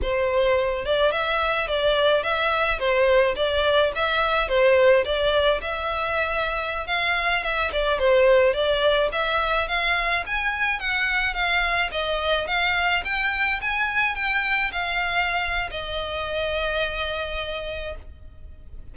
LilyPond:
\new Staff \with { instrumentName = "violin" } { \time 4/4 \tempo 4 = 107 c''4. d''8 e''4 d''4 | e''4 c''4 d''4 e''4 | c''4 d''4 e''2~ | e''16 f''4 e''8 d''8 c''4 d''8.~ |
d''16 e''4 f''4 gis''4 fis''8.~ | fis''16 f''4 dis''4 f''4 g''8.~ | g''16 gis''4 g''4 f''4.~ f''16 | dis''1 | }